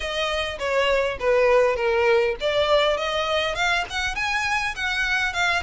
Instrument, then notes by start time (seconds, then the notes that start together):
violin
0.00 D#5
0.58 C#5
1.19 B4
1.76 A#4
2.40 D5
2.97 D#5
3.55 F5
3.89 F#5
4.15 G#5
4.75 F#5
5.33 F5